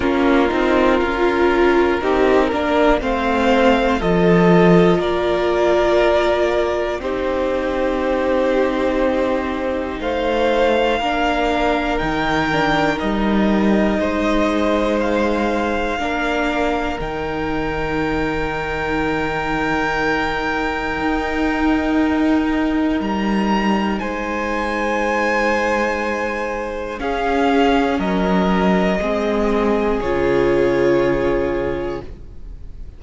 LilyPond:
<<
  \new Staff \with { instrumentName = "violin" } { \time 4/4 \tempo 4 = 60 ais'2. f''4 | dis''4 d''2 c''4~ | c''2 f''2 | g''4 dis''2 f''4~ |
f''4 g''2.~ | g''2. ais''4 | gis''2. f''4 | dis''2 cis''2 | }
  \new Staff \with { instrumentName = "violin" } { \time 4/4 f'2 g'8 ais'8 c''4 | a'4 ais'2 g'4~ | g'2 c''4 ais'4~ | ais'2 c''2 |
ais'1~ | ais'1 | c''2. gis'4 | ais'4 gis'2. | }
  \new Staff \with { instrumentName = "viola" } { \time 4/4 cis'8 dis'8 f'4 dis'8 d'8 c'4 | f'2. dis'4~ | dis'2. d'4 | dis'8 d'8 dis'2. |
d'4 dis'2.~ | dis'1~ | dis'2. cis'4~ | cis'4 c'4 f'2 | }
  \new Staff \with { instrumentName = "cello" } { \time 4/4 ais8 c'8 cis'4 c'8 ais8 a4 | f4 ais2 c'4~ | c'2 a4 ais4 | dis4 g4 gis2 |
ais4 dis2.~ | dis4 dis'2 g4 | gis2. cis'4 | fis4 gis4 cis2 | }
>>